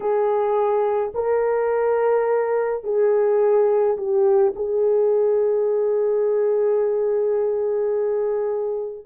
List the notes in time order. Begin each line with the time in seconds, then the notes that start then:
0.00 G#4
1.14 A#4
2.83 G#4
3.97 G4
4.55 G#4